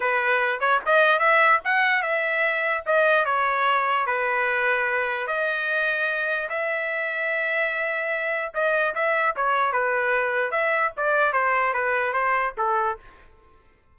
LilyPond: \new Staff \with { instrumentName = "trumpet" } { \time 4/4 \tempo 4 = 148 b'4. cis''8 dis''4 e''4 | fis''4 e''2 dis''4 | cis''2 b'2~ | b'4 dis''2. |
e''1~ | e''4 dis''4 e''4 cis''4 | b'2 e''4 d''4 | c''4 b'4 c''4 a'4 | }